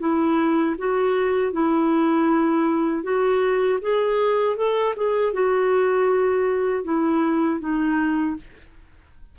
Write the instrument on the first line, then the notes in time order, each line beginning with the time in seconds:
clarinet
0.00 E4
0.78 F#4
1.53 E4
3.03 F#4
3.81 G#4
4.57 A4
4.96 G#4
5.33 F#4
6.84 E4
7.61 D#4